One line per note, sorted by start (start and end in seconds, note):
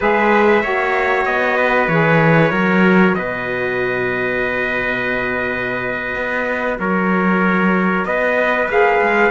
0.00 0.63 G#3
0.00 0.62 G#4
0.00 0.62 B4
0.00 1.25 E5
0.62 1.25 A#3
0.62 1.88 F#4
0.62 1.57 C#5
1.25 1.87 B3
1.25 1.88 D#5
1.57 2.51 B4
1.87 2.51 E3
1.87 2.51 G#4
1.87 3.14 C#5
2.51 3.14 F#3
2.51 8.67 F#4
2.51 3.14 A#4
3.14 6.15 B2
3.14 6.80 B4
3.14 6.78 D#5
6.15 6.78 B3
6.79 8.05 F#3
6.79 8.06 A#4
6.79 8.05 C#5
8.05 8.68 B3
8.05 9.30 B4
8.05 8.68 D#5
8.68 9.00 A#3
8.68 9.30 G#4
8.68 9.30 F5
9.01 9.30 G#3